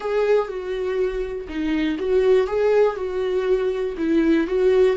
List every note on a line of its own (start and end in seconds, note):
0.00 0.48 G#4
0.48 1.47 F#4
1.48 1.98 D#4
1.98 2.47 F#4
2.47 2.96 G#4
2.96 3.95 F#4
3.97 4.47 E4
4.47 4.96 F#4